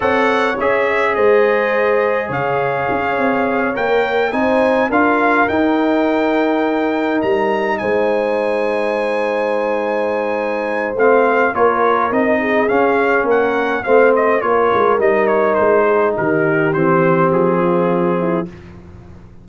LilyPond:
<<
  \new Staff \with { instrumentName = "trumpet" } { \time 4/4 \tempo 4 = 104 fis''4 e''4 dis''2 | f''2~ f''8 g''4 gis''8~ | gis''8 f''4 g''2~ g''8~ | g''8 ais''4 gis''2~ gis''8~ |
gis''2. f''4 | cis''4 dis''4 f''4 fis''4 | f''8 dis''8 cis''4 dis''8 cis''8 c''4 | ais'4 c''4 gis'2 | }
  \new Staff \with { instrumentName = "horn" } { \time 4/4 cis''2 c''2 | cis''2.~ cis''8 c''8~ | c''8 ais'2.~ ais'8~ | ais'4. c''2~ c''8~ |
c''1 | ais'4. gis'4. ais'4 | c''4 ais'2~ ais'8 gis'8 | g'2~ g'8 f'4 e'8 | }
  \new Staff \with { instrumentName = "trombone" } { \time 4/4 a'4 gis'2.~ | gis'2~ gis'8 ais'4 dis'8~ | dis'8 f'4 dis'2~ dis'8~ | dis'1~ |
dis'2. c'4 | f'4 dis'4 cis'2 | c'4 f'4 dis'2~ | dis'4 c'2. | }
  \new Staff \with { instrumentName = "tuba" } { \time 4/4 c'4 cis'4 gis2 | cis4 cis'8 c'4 ais4 c'8~ | c'8 d'4 dis'2~ dis'8~ | dis'8 g4 gis2~ gis8~ |
gis2. a4 | ais4 c'4 cis'4 ais4 | a4 ais8 gis8 g4 gis4 | dis4 e4 f2 | }
>>